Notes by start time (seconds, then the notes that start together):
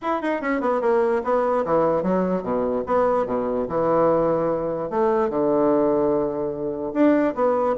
0.01 E4
0.21 D#4
0.41 C#4
0.60 B3
0.81 A#3
1.24 B3
1.65 E3
2.02 F#3
2.42 B2
2.86 B3
3.26 B2
3.68 E3
4.90 A3
5.29 D3
6.93 D4
7.35 B3